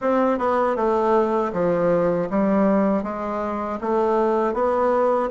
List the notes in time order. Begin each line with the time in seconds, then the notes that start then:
0.01 C4
0.38 B3
0.76 A3
1.53 F3
2.30 G3
3.03 G#3
3.80 A3
4.53 B3